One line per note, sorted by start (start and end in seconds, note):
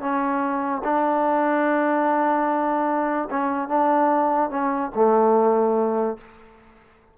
0.00 0.82 C#4
0.83 3.28 D4
3.29 3.68 C#4
3.68 4.50 D4
4.50 4.90 C#4
4.95 6.17 A3